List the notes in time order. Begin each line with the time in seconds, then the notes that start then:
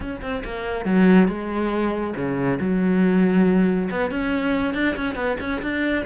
0.00 C#4
0.21 C4
0.44 A#3
0.85 F#3
1.27 G#3
2.16 C#3
2.60 F#3
3.90 B3
4.10 C#4
4.73 D4
4.96 C#4
5.15 B3
5.40 C#4
5.62 D4